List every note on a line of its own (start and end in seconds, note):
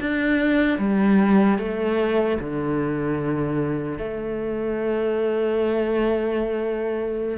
0.00 0.78 D4
0.78 1.58 G3
1.58 2.38 A3
2.40 3.98 D3
3.98 7.37 A3